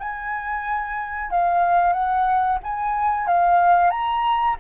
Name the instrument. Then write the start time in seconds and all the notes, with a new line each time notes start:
flute
0.00 G#5
1.31 F5
1.93 F#5
2.64 G#5
3.28 F5
3.91 A#5